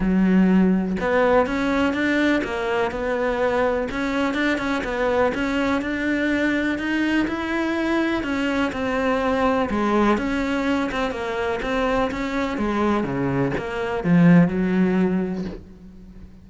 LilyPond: \new Staff \with { instrumentName = "cello" } { \time 4/4 \tempo 4 = 124 fis2 b4 cis'4 | d'4 ais4 b2 | cis'4 d'8 cis'8 b4 cis'4 | d'2 dis'4 e'4~ |
e'4 cis'4 c'2 | gis4 cis'4. c'8 ais4 | c'4 cis'4 gis4 cis4 | ais4 f4 fis2 | }